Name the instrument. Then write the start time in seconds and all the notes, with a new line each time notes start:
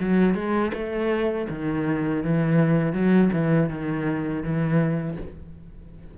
cello
0.00 F#3
0.34 G#3
0.73 A3
1.49 D#3
2.23 E3
2.93 F#3
3.32 E3
3.69 D#3
4.43 E3